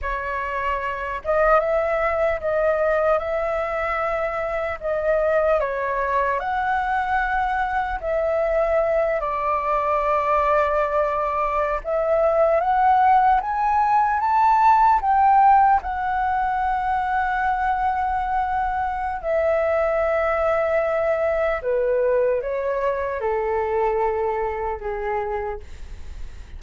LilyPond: \new Staff \with { instrumentName = "flute" } { \time 4/4 \tempo 4 = 75 cis''4. dis''8 e''4 dis''4 | e''2 dis''4 cis''4 | fis''2 e''4. d''8~ | d''2~ d''8. e''4 fis''16~ |
fis''8. gis''4 a''4 g''4 fis''16~ | fis''1 | e''2. b'4 | cis''4 a'2 gis'4 | }